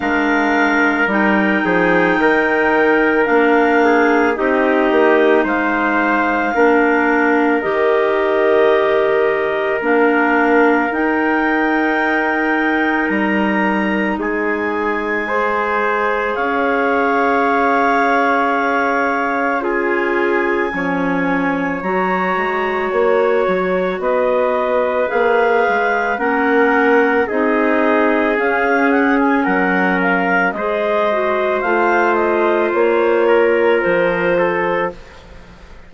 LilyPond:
<<
  \new Staff \with { instrumentName = "clarinet" } { \time 4/4 \tempo 4 = 55 f''4 g''2 f''4 | dis''4 f''2 dis''4~ | dis''4 f''4 g''2 | ais''4 gis''2 f''4~ |
f''2 gis''2 | ais''4 cis''4 dis''4 f''4 | fis''4 dis''4 f''8 fis''16 gis''16 fis''8 f''8 | dis''4 f''8 dis''8 cis''4 c''4 | }
  \new Staff \with { instrumentName = "trumpet" } { \time 4/4 ais'4. gis'8 ais'4. gis'8 | g'4 c''4 ais'2~ | ais'1~ | ais'4 gis'4 c''4 cis''4~ |
cis''2 gis'4 cis''4~ | cis''2 b'2 | ais'4 gis'2 ais'4 | c''2~ c''8 ais'4 a'8 | }
  \new Staff \with { instrumentName = "clarinet" } { \time 4/4 d'4 dis'2 d'4 | dis'2 d'4 g'4~ | g'4 d'4 dis'2~ | dis'2 gis'2~ |
gis'2 f'4 cis'4 | fis'2. gis'4 | cis'4 dis'4 cis'2 | gis'8 fis'8 f'2. | }
  \new Staff \with { instrumentName = "bassoon" } { \time 4/4 gis4 g8 f8 dis4 ais4 | c'8 ais8 gis4 ais4 dis4~ | dis4 ais4 dis'2 | g4 gis2 cis'4~ |
cis'2. f4 | fis8 gis8 ais8 fis8 b4 ais8 gis8 | ais4 c'4 cis'4 fis4 | gis4 a4 ais4 f4 | }
>>